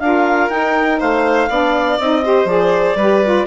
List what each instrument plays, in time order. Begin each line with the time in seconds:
0.00 bassoon D4, saxophone F4, violin A#4, clarinet F5
0.49 bassoon D#4, saxophone D#4, clarinet G5
1.00 bassoon A3, violin C5, clarinet F5
1.49 bassoon B3, saxophone D4, violin D5
1.99 bassoon C4, saxophone D#4, clarinet D#5
2.25 saxophone G4, violin C5
2.45 bassoon F3, saxophone G#4, clarinet D5
2.96 bassoon G3, saxophone G4, violin B4
3.24 saxophone F4